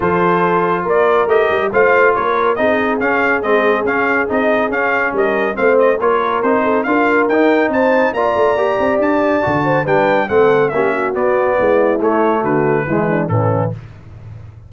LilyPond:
<<
  \new Staff \with { instrumentName = "trumpet" } { \time 4/4 \tempo 4 = 140 c''2 d''4 dis''4 | f''4 cis''4 dis''4 f''4 | dis''4 f''4 dis''4 f''4 | dis''4 f''8 dis''8 cis''4 c''4 |
f''4 g''4 a''4 ais''4~ | ais''4 a''2 g''4 | fis''4 e''4 d''2 | cis''4 b'2 a'4 | }
  \new Staff \with { instrumentName = "horn" } { \time 4/4 a'2 ais'2 | c''4 ais'4 gis'2~ | gis'1 | ais'4 c''4 ais'4. a'8 |
ais'2 c''4 d''4~ | d''2~ d''8 c''8 b'4 | a'4 g'8 fis'4. e'4~ | e'4 fis'4 e'8 d'8 cis'4 | }
  \new Staff \with { instrumentName = "trombone" } { \time 4/4 f'2. g'4 | f'2 dis'4 cis'4 | c'4 cis'4 dis'4 cis'4~ | cis'4 c'4 f'4 dis'4 |
f'4 dis'2 f'4 | g'2 fis'4 d'4 | c'4 cis'4 b2 | a2 gis4 e4 | }
  \new Staff \with { instrumentName = "tuba" } { \time 4/4 f2 ais4 a8 g8 | a4 ais4 c'4 cis'4 | gis4 cis'4 c'4 cis'4 | g4 a4 ais4 c'4 |
d'4 dis'4 c'4 ais8 a8 | ais8 c'8 d'4 d4 g4 | a4 ais4 b4 gis4 | a4 d4 e4 a,4 | }
>>